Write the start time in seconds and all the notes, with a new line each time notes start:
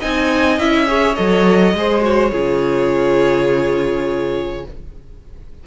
0.00 C4 D#4 D#5 G#5
0.59 C#4 E4 E5
0.87 G#4 C#5
1.16 F#3 A4 D#5
1.74 G#3 G#4 C5
2.02 F#4 C#5
2.32 C#3 F4 G#4